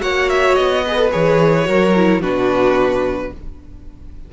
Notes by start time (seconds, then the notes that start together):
0.00 A#3 F#4 C#5 F#5
0.29 E5
0.55 B3 D#5
0.86 G#4 B4
0.97 A4
1.11 E3 G#4 C#5
1.64 F#3 F#4 A#4
1.96 E4
2.21 B2 D4 F#4 B4